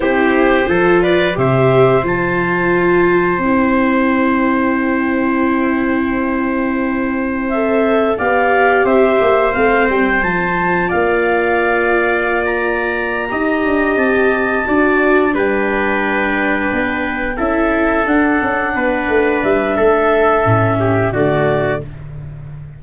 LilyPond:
<<
  \new Staff \with { instrumentName = "clarinet" } { \time 4/4 \tempo 4 = 88 c''4. d''8 e''4 a''4~ | a''4 g''2.~ | g''2. e''4 | f''4 e''4 f''8 g''8 a''4 |
f''2~ f''16 ais''4.~ ais''16~ | ais''8 a''2 g''4.~ | g''4. e''4 fis''4.~ | fis''8 e''2~ e''8 d''4 | }
  \new Staff \with { instrumentName = "trumpet" } { \time 4/4 g'4 a'8 b'8 c''2~ | c''1~ | c''1 | d''4 c''2. |
d''2.~ d''8 dis''8~ | dis''4. d''4 b'4.~ | b'4. a'2 b'8~ | b'4 a'4. g'8 fis'4 | }
  \new Staff \with { instrumentName = "viola" } { \time 4/4 e'4 f'4 g'4 f'4~ | f'4 e'2.~ | e'2. a'4 | g'2 c'4 f'4~ |
f'2.~ f'8 g'8~ | g'4. fis'4 d'4.~ | d'4. e'4 d'4.~ | d'2 cis'4 a4 | }
  \new Staff \with { instrumentName = "tuba" } { \time 4/4 c'4 f4 c4 f4~ | f4 c'2.~ | c'1 | b4 c'8 ais8 a8 g8 f4 |
ais2.~ ais8 dis'8 | d'8 c'4 d'4 g4.~ | g8 b4 cis'4 d'8 cis'8 b8 | a8 g8 a4 a,4 d4 | }
>>